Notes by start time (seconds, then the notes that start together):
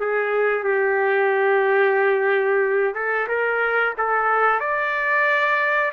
0.00 G#4
0.64 G4
2.95 A4
3.28 A#4
3.98 A4
4.60 D5